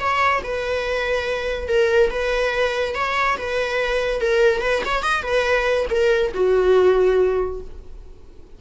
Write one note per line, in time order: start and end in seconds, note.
0.00 0.42 C#5
0.44 1.68 B4
1.68 2.11 A#4
2.11 2.95 B4
2.95 3.37 C#5
3.38 4.21 B4
4.21 4.62 A#4
4.62 4.83 B4
4.86 5.03 C#5
5.03 5.23 D#5
5.23 5.86 B4
5.90 6.32 A#4
6.34 7.61 F#4